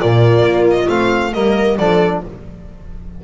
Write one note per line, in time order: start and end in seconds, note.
0.00 0.42 A#2
0.00 0.88 A#3
0.00 1.34 F4
0.00 0.67 D5
0.42 0.87 A#3
0.71 0.89 D#5
0.88 1.34 A3
0.88 1.33 C4
0.88 1.34 F5
1.34 1.78 G3
1.34 1.78 A#3
1.34 1.78 A#4
1.34 1.78 D#5
1.78 2.24 F3
1.78 2.24 D4
1.78 2.22 A4
1.78 2.23 D5